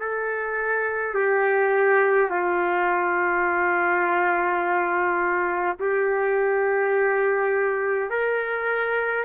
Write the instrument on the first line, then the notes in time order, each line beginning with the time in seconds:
trumpet
0.00 A4
1.14 G4
2.30 F4
5.80 G4
8.10 A#4